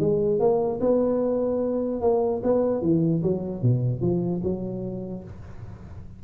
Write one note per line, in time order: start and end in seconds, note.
0.00 0.40 G#3
0.40 0.80 A#3
0.80 2.01 B3
2.01 2.42 A#3
2.43 2.82 B3
2.82 3.22 E3
3.23 3.62 F#3
3.62 4.01 B2
4.01 4.41 F3
4.43 5.24 F#3